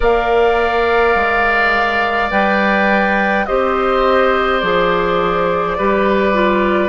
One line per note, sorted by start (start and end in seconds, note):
0.00 1.15 A#3
0.00 2.30 A#4
0.00 3.45 D5
0.00 2.30 F5
1.15 2.30 G#3
2.30 3.46 G3
2.30 3.46 B4
2.30 3.46 G5
3.46 4.62 C4
3.46 4.61 G4
3.46 5.77 C5
3.46 4.60 D#5
4.60 5.77 F3
4.60 5.77 G#4
4.60 6.89 D5
5.77 6.89 G3
5.77 6.33 G4
5.77 6.89 B4
6.33 6.89 F4